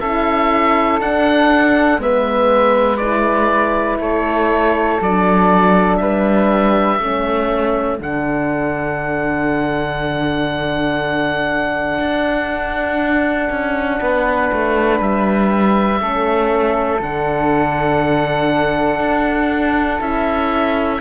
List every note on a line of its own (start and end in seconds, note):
0.00 1.00 C#4
0.00 1.00 E4
0.00 2.01 A4
0.00 1.00 E5
1.00 2.00 D4
1.00 1.98 D4
1.00 2.01 F#5
1.98 3.98 G#3
1.98 3.00 B3
1.98 4.00 B4
1.98 2.97 E5
2.97 5.01 E4
2.97 3.97 D5
3.98 4.98 A3
3.98 6.00 A4
3.98 5.01 C#5
5.01 6.00 F#3
5.01 6.99 D4
5.01 5.97 D5
5.97 7.00 G3
5.97 7.00 B4
5.97 7.97 E5
6.99 8.00 A3
6.99 7.99 C#4
6.99 14.00 A4
8.00 11.99 D3
8.00 16.00 D4
8.00 15.01 F#5
11.99 13.49 D4
13.50 14.00 C#4
14.00 14.51 B3
14.00 16.00 B4
14.53 15.00 A3
15.00 16.00 G3
15.00 17.01 E5
16.00 17.00 A3
16.00 17.00 C#4
16.00 21.00 A4
17.00 19.00 D3
17.00 19.99 D4
17.00 20.01 F#5
19.00 20.00 D4
19.99 21.00 C#4
19.99 20.99 E4
19.99 21.00 E5